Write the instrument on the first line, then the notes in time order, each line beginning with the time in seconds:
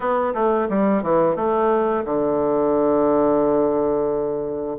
bassoon
0.00 B3
0.33 A3
0.68 G3
1.03 E3
1.35 A3
2.04 D3